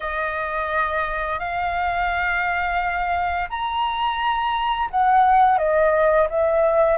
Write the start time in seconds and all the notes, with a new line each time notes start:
0.00 D#5
1.39 F5
3.49 A#5
4.90 F#5
5.58 D#5
6.29 E5